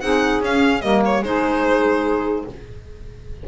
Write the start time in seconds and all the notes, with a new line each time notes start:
0.00 C4 D#4 G#4 F#5
0.41 C#4 F5
0.81 G3 A#3 A#4 D#5
1.05 C#5
1.22 G#3 D#4 G#4 C5